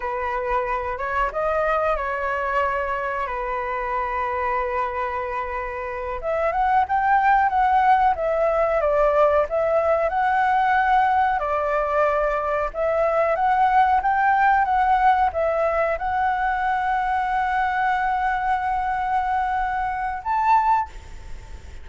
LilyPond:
\new Staff \with { instrumentName = "flute" } { \time 4/4 \tempo 4 = 92 b'4. cis''8 dis''4 cis''4~ | cis''4 b'2.~ | b'4. e''8 fis''8 g''4 fis''8~ | fis''8 e''4 d''4 e''4 fis''8~ |
fis''4. d''2 e''8~ | e''8 fis''4 g''4 fis''4 e''8~ | e''8 fis''2.~ fis''8~ | fis''2. a''4 | }